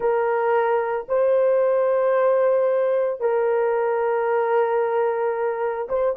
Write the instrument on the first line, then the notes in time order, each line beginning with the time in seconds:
horn
0.00 A#4
1.08 C5
3.20 A#4
5.88 C5